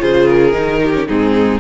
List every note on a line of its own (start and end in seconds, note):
0.00 0.54 C#3
0.00 0.52 F4
0.00 0.82 G#4
0.00 0.27 C5
0.27 1.07 A#4
0.52 1.07 D#3
0.52 0.92 D#4
0.83 1.08 G4
0.93 1.07 C#4
1.07 1.60 G#2
1.07 1.60 C4
1.07 1.60 D#4
1.07 1.60 G#4